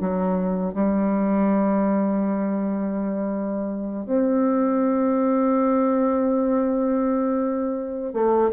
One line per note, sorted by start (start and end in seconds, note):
0.00 0.73 F#3
0.73 4.05 G3
4.05 8.13 C4
8.13 8.50 A3